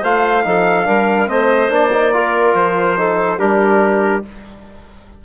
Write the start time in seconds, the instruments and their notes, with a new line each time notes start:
0.00 bassoon A3, trombone F4, clarinet C5, trumpet F5
0.43 bassoon F3, trombone D#4, clarinet A4
0.84 bassoon G3, trombone D4, clarinet A#4
1.26 bassoon A3, trombone C4, clarinet C5, trumpet D#5
1.69 bassoon A#3, trombone D4, trumpet D5
1.92 trombone D#4
2.13 trombone F4, clarinet A#4
2.54 bassoon F3, trumpet C5
2.96 trombone D#4, clarinet A4
3.38 bassoon G3, trombone D4, clarinet G4, trumpet A#4